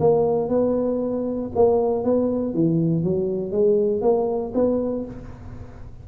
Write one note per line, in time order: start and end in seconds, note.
0.00 0.49 A#3
0.49 1.51 B3
1.55 2.04 A#3
2.04 2.54 B3
2.54 3.04 E3
3.04 3.52 F#3
3.52 4.02 G#3
4.02 4.53 A#3
4.55 5.05 B3